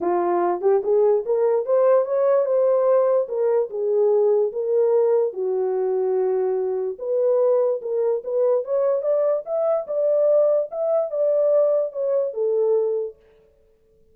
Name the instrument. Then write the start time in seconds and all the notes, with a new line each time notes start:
horn
0.00 F4
0.61 G4
0.83 G#4
1.25 A#4
1.65 C5
2.05 C#5
2.45 C5
3.28 A#4
3.69 G#4
4.52 A#4
5.33 F#4
6.98 B4
7.81 A#4
8.24 B4
8.64 C#5
9.02 D5
9.45 E5
9.87 D5
10.71 E5
11.10 D5
11.92 C#5
12.33 A4